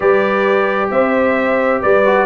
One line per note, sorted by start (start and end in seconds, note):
0.00 0.90 G3
0.00 2.04 G4
0.00 0.91 B4
0.00 0.90 D5
0.90 1.81 C4
0.90 1.81 C5
0.90 1.81 E5
1.81 2.25 G3
1.81 2.25 B4
1.81 2.25 D5
2.05 2.25 F#4